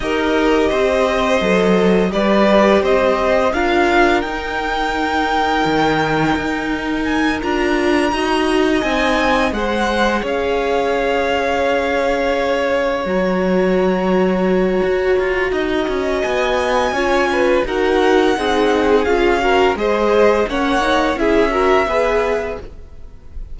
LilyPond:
<<
  \new Staff \with { instrumentName = "violin" } { \time 4/4 \tempo 4 = 85 dis''2. d''4 | dis''4 f''4 g''2~ | g''2 gis''8 ais''4.~ | ais''8 gis''4 fis''4 f''4.~ |
f''2~ f''8 ais''4.~ | ais''2. gis''4~ | gis''4 fis''2 f''4 | dis''4 fis''4 e''2 | }
  \new Staff \with { instrumentName = "violin" } { \time 4/4 ais'4 c''2 b'4 | c''4 ais'2.~ | ais'2.~ ais'8 dis''8~ | dis''4. c''4 cis''4.~ |
cis''1~ | cis''2 dis''2 | cis''8 b'8 ais'4 gis'4. ais'8 | c''4 cis''4 gis'8 ais'8 b'4 | }
  \new Staff \with { instrumentName = "viola" } { \time 4/4 g'2 a'4 g'4~ | g'4 f'4 dis'2~ | dis'2~ dis'8 f'4 fis'8~ | fis'8 dis'4 gis'2~ gis'8~ |
gis'2~ gis'8 fis'4.~ | fis'1 | f'4 fis'4 dis'4 f'8 fis'8 | gis'4 cis'8 dis'8 e'8 fis'8 gis'4 | }
  \new Staff \with { instrumentName = "cello" } { \time 4/4 dis'4 c'4 fis4 g4 | c'4 d'4 dis'2 | dis4 dis'4. d'4 dis'8~ | dis'8 c'4 gis4 cis'4.~ |
cis'2~ cis'8 fis4.~ | fis4 fis'8 f'8 dis'8 cis'8 b4 | cis'4 dis'4 c'4 cis'4 | gis4 ais4 cis'4 b4 | }
>>